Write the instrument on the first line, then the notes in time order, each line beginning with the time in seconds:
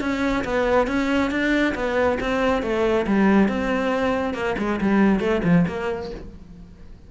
cello
0.00 C#4
0.44 B3
0.87 C#4
1.30 D4
1.75 B3
2.20 C4
2.62 A3
3.06 G3
3.48 C4
4.33 A#3
4.58 G#3
4.80 G3
5.20 A3
5.43 F3
5.67 A#3